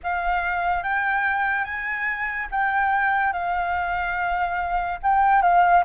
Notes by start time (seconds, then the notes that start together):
0.03 F5
0.83 G5
1.64 G#5
2.51 G5
3.32 F5
5.02 G5
5.42 F5